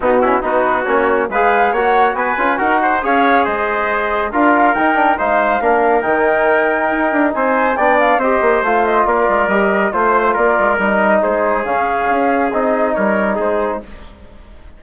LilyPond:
<<
  \new Staff \with { instrumentName = "flute" } { \time 4/4 \tempo 4 = 139 fis'4 b'4 cis''4 f''4 | fis''4 gis''4 fis''4 f''4 | dis''2 f''4 g''4 | f''2 g''2~ |
g''4 gis''4 g''8 f''8 dis''4 | f''8 dis''8 d''4 dis''4 c''4 | d''4 dis''4 c''4 f''4~ | f''4 dis''4 cis''4 c''4 | }
  \new Staff \with { instrumentName = "trumpet" } { \time 4/4 dis'8 e'8 fis'2 b'4 | cis''4 b'4 ais'8 c''8 cis''4 | c''2 ais'2 | c''4 ais'2.~ |
ais'4 c''4 d''4 c''4~ | c''4 ais'2 c''4 | ais'2 gis'2~ | gis'2 ais'4 gis'4 | }
  \new Staff \with { instrumentName = "trombone" } { \time 4/4 b8 cis'8 dis'4 cis'4 gis'4 | fis'4. f'8 fis'4 gis'4~ | gis'2 f'4 dis'8 d'8 | dis'4 d'4 dis'2~ |
dis'2 d'4 g'4 | f'2 g'4 f'4~ | f'4 dis'2 cis'4~ | cis'4 dis'2. | }
  \new Staff \with { instrumentName = "bassoon" } { \time 4/4 b,4 b4 ais4 gis4 | ais4 b8 cis'8 dis'4 cis'4 | gis2 d'4 dis'4 | gis4 ais4 dis2 |
dis'8 d'8 c'4 b4 c'8 ais8 | a4 ais8 gis8 g4 a4 | ais8 gis8 g4 gis4 cis4 | cis'4 c'4 g4 gis4 | }
>>